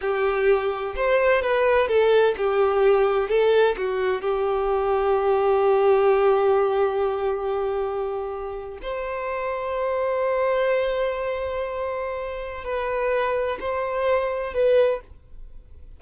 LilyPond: \new Staff \with { instrumentName = "violin" } { \time 4/4 \tempo 4 = 128 g'2 c''4 b'4 | a'4 g'2 a'4 | fis'4 g'2.~ | g'1~ |
g'2~ g'8. c''4~ c''16~ | c''1~ | c''2. b'4~ | b'4 c''2 b'4 | }